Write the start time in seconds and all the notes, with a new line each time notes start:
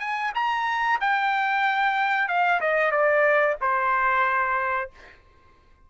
0.00 G#5
0.35 A#5
1.01 G5
2.28 F5
2.61 D#5
2.91 D5
3.62 C5